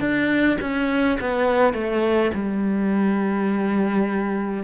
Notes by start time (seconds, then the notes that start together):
0.00 D4
0.61 C#4
1.20 B3
1.74 A3
2.34 G3